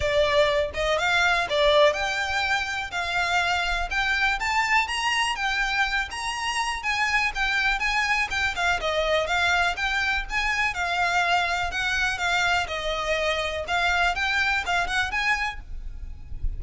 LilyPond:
\new Staff \with { instrumentName = "violin" } { \time 4/4 \tempo 4 = 123 d''4. dis''8 f''4 d''4 | g''2 f''2 | g''4 a''4 ais''4 g''4~ | g''8 ais''4. gis''4 g''4 |
gis''4 g''8 f''8 dis''4 f''4 | g''4 gis''4 f''2 | fis''4 f''4 dis''2 | f''4 g''4 f''8 fis''8 gis''4 | }